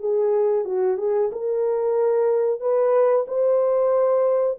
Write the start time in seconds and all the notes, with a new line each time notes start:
0.00 G#4
0.65 F#4
0.98 G#4
1.32 A#4
2.61 B4
3.28 C5